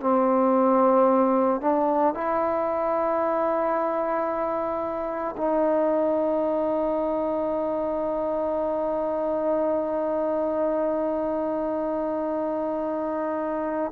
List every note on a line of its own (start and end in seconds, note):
0.00 1.61 C4
1.61 2.14 D4
2.14 5.35 E4
5.37 13.91 D#4